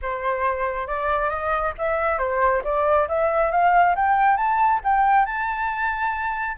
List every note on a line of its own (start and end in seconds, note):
0.02 0.87 C5
0.87 1.29 D5
1.29 1.73 D#5
1.78 2.18 E5
2.18 2.62 C5
2.64 3.08 D5
3.08 3.51 E5
3.51 3.95 F5
3.95 4.36 G5
4.36 4.80 A5
4.84 5.25 G5
5.25 6.57 A5